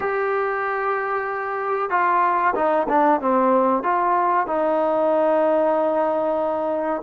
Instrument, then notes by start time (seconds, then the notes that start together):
trombone
0.00 G4
1.90 F4
2.55 D#4
2.88 D4
3.21 C4
3.83 F4
4.47 D#4